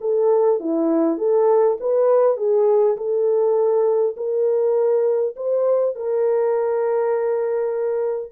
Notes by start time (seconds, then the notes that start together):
0.00 A4
0.59 E4
1.17 A4
1.80 B4
2.37 G#4
2.96 A4
4.16 A#4
5.36 C5
5.95 A#4